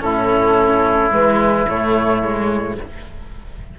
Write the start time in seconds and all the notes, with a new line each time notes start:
0.00 A2 C#4 E4 A4
1.11 E3 G#3 B4
1.68 A2 A3 C#5
2.22 G#3